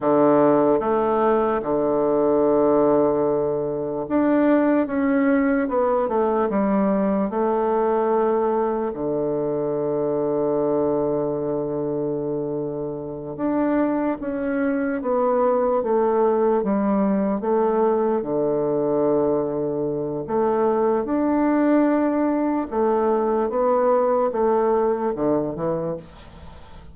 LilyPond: \new Staff \with { instrumentName = "bassoon" } { \time 4/4 \tempo 4 = 74 d4 a4 d2~ | d4 d'4 cis'4 b8 a8 | g4 a2 d4~ | d1~ |
d8 d'4 cis'4 b4 a8~ | a8 g4 a4 d4.~ | d4 a4 d'2 | a4 b4 a4 d8 e8 | }